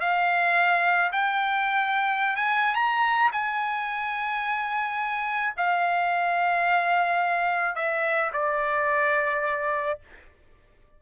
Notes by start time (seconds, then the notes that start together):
0.00 F5
1.12 G5
2.36 G#5
2.75 A#5
3.32 G#5
5.57 F5
7.75 E5
8.33 D5